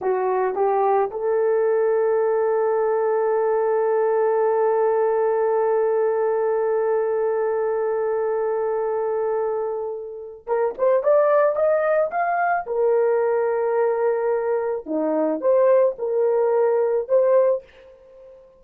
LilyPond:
\new Staff \with { instrumentName = "horn" } { \time 4/4 \tempo 4 = 109 fis'4 g'4 a'2~ | a'1~ | a'1~ | a'1~ |
a'2. ais'8 c''8 | d''4 dis''4 f''4 ais'4~ | ais'2. dis'4 | c''4 ais'2 c''4 | }